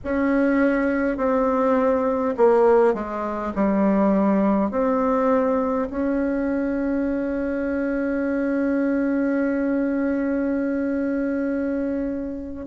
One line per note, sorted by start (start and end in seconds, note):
0.04 1.17 C#4
1.17 2.34 C4
2.37 2.94 A#3
2.94 3.52 G#3
3.55 4.71 G3
4.71 5.88 C4
5.89 12.66 C#4